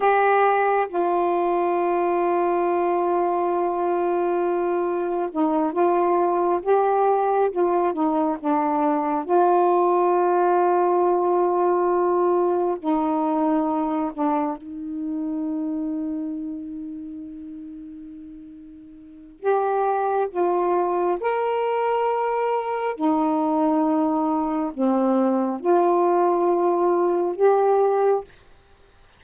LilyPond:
\new Staff \with { instrumentName = "saxophone" } { \time 4/4 \tempo 4 = 68 g'4 f'2.~ | f'2 dis'8 f'4 g'8~ | g'8 f'8 dis'8 d'4 f'4.~ | f'2~ f'8 dis'4. |
d'8 dis'2.~ dis'8~ | dis'2 g'4 f'4 | ais'2 dis'2 | c'4 f'2 g'4 | }